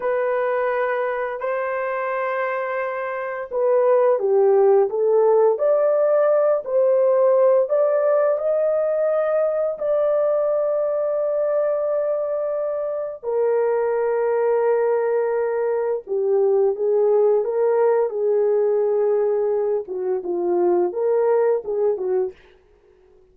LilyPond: \new Staff \with { instrumentName = "horn" } { \time 4/4 \tempo 4 = 86 b'2 c''2~ | c''4 b'4 g'4 a'4 | d''4. c''4. d''4 | dis''2 d''2~ |
d''2. ais'4~ | ais'2. g'4 | gis'4 ais'4 gis'2~ | gis'8 fis'8 f'4 ais'4 gis'8 fis'8 | }